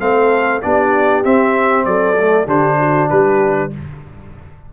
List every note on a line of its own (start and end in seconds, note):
0.00 0.62 A3
0.00 0.62 C4
0.00 0.63 A4
0.00 0.62 F5
0.62 1.25 B3
0.62 1.25 D4
0.62 1.87 G4
0.62 1.24 D5
1.24 2.18 C4
1.24 1.86 C4
1.24 1.86 E5
1.86 2.47 F#3
1.86 2.46 A4
1.86 2.47 D5
2.18 2.47 A3
2.46 3.09 D3
2.46 3.71 D4
2.46 2.77 G4
2.46 3.10 C5
2.80 3.10 F#4
3.10 3.73 G3
3.10 3.72 G4
3.10 3.72 B4